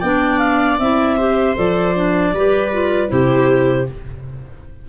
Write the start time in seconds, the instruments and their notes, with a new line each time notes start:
0.00 tuba B3, clarinet D4 G5, viola D5
0.38 clarinet F5
0.79 tuba C4, clarinet E4 E5
1.17 clarinet G4, viola C5
1.55 tuba F3, clarinet A4 D5
1.96 clarinet D4
2.32 tuba G3, clarinet G4, viola B4
2.72 clarinet F4
3.08 tuba C3, clarinet E4 C5, viola G4